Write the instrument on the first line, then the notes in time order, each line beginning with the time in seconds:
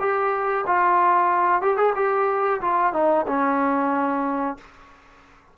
trombone
0.00 G4
0.67 F4
1.62 G4
1.77 G#4
1.96 G4
2.61 F4
2.93 D#4
3.27 C#4